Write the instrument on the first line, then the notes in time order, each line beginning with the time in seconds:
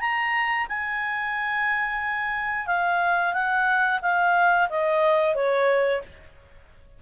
clarinet
0.00 A#5
0.68 G#5
2.66 F5
3.33 F#5
4.02 F5
4.69 D#5
5.35 C#5